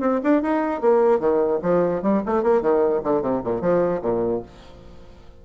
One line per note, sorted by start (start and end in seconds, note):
0.00 0.20 C4
0.23 0.42 D4
0.42 0.81 D#4
0.81 1.19 A#3
1.19 1.59 D#3
1.62 2.02 F3
2.02 2.22 G3
2.25 2.43 A3
2.43 2.61 A#3
2.61 3.01 D#3
3.03 3.21 D3
3.21 3.42 C3
3.43 3.61 A#2
3.61 4.01 F3
4.02 4.42 A#2